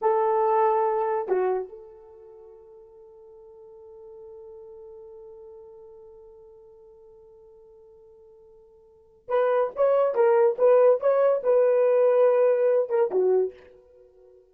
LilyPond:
\new Staff \with { instrumentName = "horn" } { \time 4/4 \tempo 4 = 142 a'2. fis'4 | a'1~ | a'1~ | a'1~ |
a'1~ | a'2 b'4 cis''4 | ais'4 b'4 cis''4 b'4~ | b'2~ b'8 ais'8 fis'4 | }